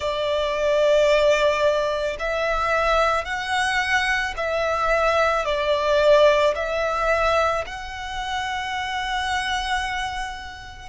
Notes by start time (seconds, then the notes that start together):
0.00 D5
2.19 E5
3.24 F#5
4.36 E5
5.45 D5
6.55 E5
7.66 F#5